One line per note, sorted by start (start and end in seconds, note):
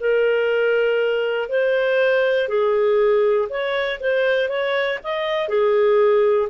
0.00 1.49 A#4
1.49 2.49 C5
2.49 3.49 G#4
3.50 4.00 C#5
4.00 4.49 C5
4.49 4.99 C#5
5.04 5.49 D#5
5.49 6.49 G#4